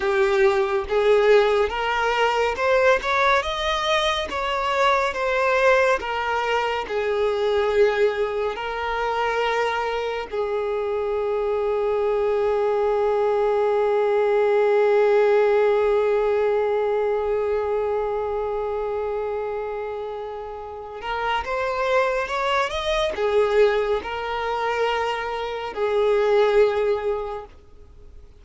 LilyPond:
\new Staff \with { instrumentName = "violin" } { \time 4/4 \tempo 4 = 70 g'4 gis'4 ais'4 c''8 cis''8 | dis''4 cis''4 c''4 ais'4 | gis'2 ais'2 | gis'1~ |
gis'1~ | gis'1~ | gis'8 ais'8 c''4 cis''8 dis''8 gis'4 | ais'2 gis'2 | }